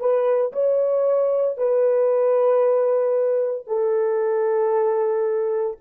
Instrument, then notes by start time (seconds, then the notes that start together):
horn
0.00 B4
0.53 C#5
1.58 B4
3.67 A4